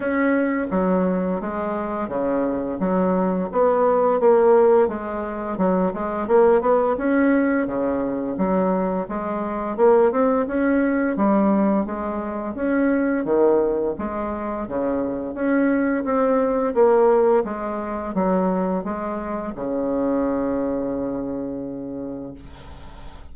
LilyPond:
\new Staff \with { instrumentName = "bassoon" } { \time 4/4 \tempo 4 = 86 cis'4 fis4 gis4 cis4 | fis4 b4 ais4 gis4 | fis8 gis8 ais8 b8 cis'4 cis4 | fis4 gis4 ais8 c'8 cis'4 |
g4 gis4 cis'4 dis4 | gis4 cis4 cis'4 c'4 | ais4 gis4 fis4 gis4 | cis1 | }